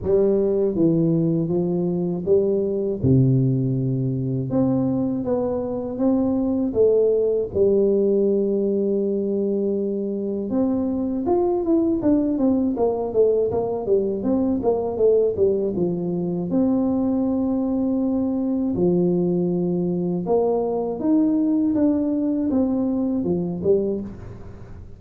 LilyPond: \new Staff \with { instrumentName = "tuba" } { \time 4/4 \tempo 4 = 80 g4 e4 f4 g4 | c2 c'4 b4 | c'4 a4 g2~ | g2 c'4 f'8 e'8 |
d'8 c'8 ais8 a8 ais8 g8 c'8 ais8 | a8 g8 f4 c'2~ | c'4 f2 ais4 | dis'4 d'4 c'4 f8 g8 | }